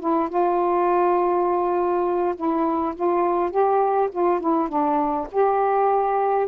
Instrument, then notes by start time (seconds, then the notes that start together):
saxophone
0.00 E4
0.29 F4
2.36 E4
2.95 F4
3.51 G4
4.12 F4
4.41 E4
4.69 D4
5.32 G4